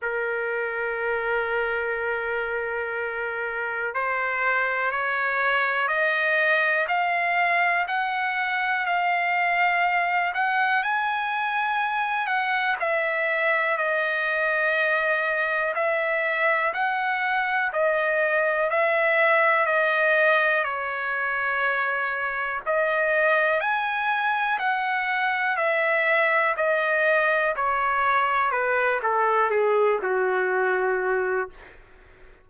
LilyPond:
\new Staff \with { instrumentName = "trumpet" } { \time 4/4 \tempo 4 = 61 ais'1 | c''4 cis''4 dis''4 f''4 | fis''4 f''4. fis''8 gis''4~ | gis''8 fis''8 e''4 dis''2 |
e''4 fis''4 dis''4 e''4 | dis''4 cis''2 dis''4 | gis''4 fis''4 e''4 dis''4 | cis''4 b'8 a'8 gis'8 fis'4. | }